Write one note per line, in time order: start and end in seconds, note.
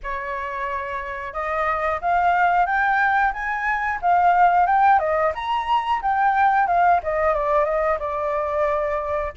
0.03 1.33 C#5
1.33 1.99 D#5
2.01 2.65 F5
2.65 3.32 G5
3.33 3.99 G#5
4.01 4.66 F5
4.66 4.98 G5
4.98 5.32 D#5
5.35 6.01 A#5
6.02 6.67 G5
6.67 7.00 F5
7.03 7.33 D#5
7.33 7.64 D5
7.64 7.98 D#5
7.99 9.32 D5